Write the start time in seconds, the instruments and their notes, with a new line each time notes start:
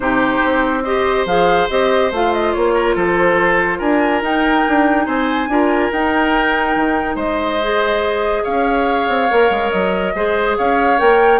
0.00 bassoon C3, clarinet D#4, oboe G4, flute C5
0.44 bassoon C4
0.83 clarinet G4, oboe C5, flute D#5
1.25 bassoon F3, clarinet G#4, flute F5
1.69 bassoon C4, clarinet G4, flute D#5
2.11 bassoon A3, clarinet F4, flute F5
2.33 flute D#5
2.53 bassoon A#3, flute C#5
2.73 oboe A#4
2.95 bassoon F3, oboe A4, flute C5
3.78 bassoon D4, oboe A#4, flute G#5
4.22 bassoon D#4, clarinet D#4, flute G5
4.67 bassoon D4
5.06 bassoon C4, oboe C5, flute G#5
5.48 bassoon D4, clarinet F4, oboe A#4
5.91 bassoon D#4, clarinet D#4, flute G5
6.75 bassoon D#3
7.15 bassoon G#3, oboe C5, flute D#5
7.61 clarinet G#4
8.43 bassoon C#4, oboe C#5, flute F5
9.08 bassoon C4
9.30 bassoon A#3, clarinet A#4
9.50 bassoon G#3
9.70 bassoon F#3, flute D#5
10.14 bassoon G#3, clarinet G#4, oboe C5
10.57 bassoon C#4, oboe C#5, flute F5
10.98 bassoon A#3, clarinet A#4, flute G5